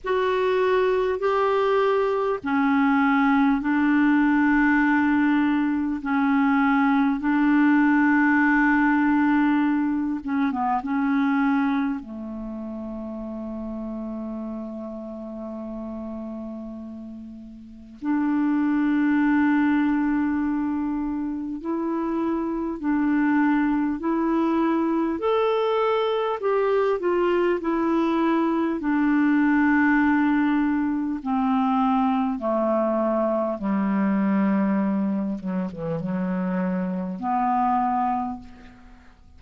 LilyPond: \new Staff \with { instrumentName = "clarinet" } { \time 4/4 \tempo 4 = 50 fis'4 g'4 cis'4 d'4~ | d'4 cis'4 d'2~ | d'8 cis'16 b16 cis'4 a2~ | a2. d'4~ |
d'2 e'4 d'4 | e'4 a'4 g'8 f'8 e'4 | d'2 c'4 a4 | g4. fis16 e16 fis4 b4 | }